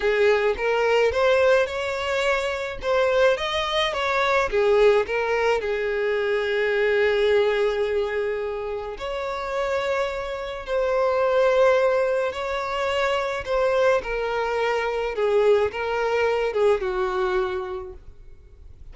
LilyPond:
\new Staff \with { instrumentName = "violin" } { \time 4/4 \tempo 4 = 107 gis'4 ais'4 c''4 cis''4~ | cis''4 c''4 dis''4 cis''4 | gis'4 ais'4 gis'2~ | gis'1 |
cis''2. c''4~ | c''2 cis''2 | c''4 ais'2 gis'4 | ais'4. gis'8 fis'2 | }